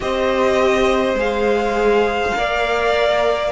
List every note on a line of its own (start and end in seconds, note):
0.00 1.14 C4
0.00 1.16 G4
0.00 2.37 C5
0.00 1.18 D#5
1.14 2.31 G#3
1.14 2.33 G#4
1.14 3.52 F5
2.33 3.52 A#3
2.33 3.51 A#4
2.33 3.52 D5